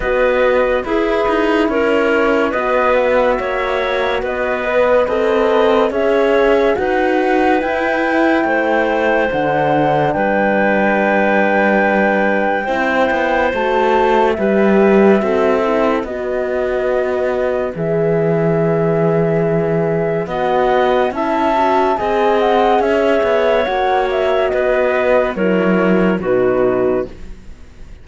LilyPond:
<<
  \new Staff \with { instrumentName = "flute" } { \time 4/4 \tempo 4 = 71 dis''4 b'4 cis''4 dis''8 e''8~ | e''4 dis''4 b'4 e''4 | fis''4 g''2 fis''4 | g''1 |
a''4 e''2 dis''4~ | dis''4 e''2. | fis''4 a''4 gis''8 fis''8 e''4 | fis''8 e''8 dis''4 cis''4 b'4 | }
  \new Staff \with { instrumentName = "clarinet" } { \time 4/4 b'4 gis'4 ais'4 b'4 | cis''4 b'4 dis''4 cis''4 | b'2 c''2 | b'2. c''4~ |
c''4 b'4 a'4 b'4~ | b'1 | dis''4 e''4 dis''4 cis''4~ | cis''4 b'4 ais'4 fis'4 | }
  \new Staff \with { instrumentName = "horn" } { \time 4/4 fis'4 e'2 fis'4~ | fis'4. b'8 a'4 gis'4 | fis'4 e'2 d'4~ | d'2. e'4 |
fis'4 g'4 fis'8 e'8 fis'4~ | fis'4 gis'2. | fis'4 e'8 fis'8 gis'2 | fis'2 e'4 dis'4 | }
  \new Staff \with { instrumentName = "cello" } { \time 4/4 b4 e'8 dis'8 cis'4 b4 | ais4 b4 c'4 cis'4 | dis'4 e'4 a4 d4 | g2. c'8 b8 |
a4 g4 c'4 b4~ | b4 e2. | b4 cis'4 c'4 cis'8 b8 | ais4 b4 fis4 b,4 | }
>>